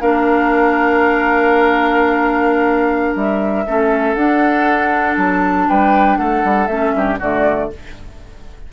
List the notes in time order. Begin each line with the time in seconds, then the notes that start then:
0.00 A#3 D4 A#4 F5
3.15 G3 E5
3.67 A3 C#4 A4
4.15 D4 F#5
5.17 F#3 A5
5.69 G3 B4 G5
6.18 A3 A4 F#5
6.44 G3
6.67 A3 C#4 E5
6.95 G2 G4
7.19 D3 A3 F#4 D5